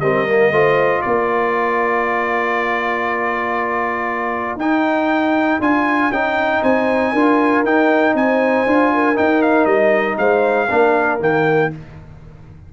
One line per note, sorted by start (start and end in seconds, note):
0.00 0.51 G3
0.00 0.27 C4
0.00 0.53 A#4
0.00 1.02 D#5
0.27 0.52 A#3
0.51 1.02 A3
0.51 4.59 F4
0.51 1.03 C5
1.02 4.56 A#3
1.02 6.61 A#4
1.02 4.58 D5
4.56 5.58 D#4
4.56 5.61 D#4
4.56 5.61 G5
5.60 6.10 D4
5.60 6.12 F4
5.60 6.12 G#5
6.10 6.61 C#4
6.10 7.15 D#4
6.10 6.63 G5
6.61 7.13 C4
6.61 7.12 C5
6.61 7.65 G#5
7.12 7.64 D4
7.12 7.65 F4
7.12 8.14 A#4
7.64 8.14 D#4
7.64 8.67 D#4
7.64 8.16 G5
8.14 8.65 C4
8.14 8.94 C5
8.14 9.17 G#5
8.66 9.17 D4
8.66 9.15 F4
8.94 10.19 A#4
9.15 10.68 D#4
9.15 9.65 D#4
9.15 9.42 G5
9.42 9.65 F5
9.65 10.16 G3
9.65 10.16 D#5
10.18 10.69 G#3
10.18 10.69 C5
10.18 11.20 F5
10.69 11.20 A#3
10.69 11.19 D4
10.69 11.70 A#4
11.19 11.71 D#3
11.19 11.70 A#3
11.19 11.73 G5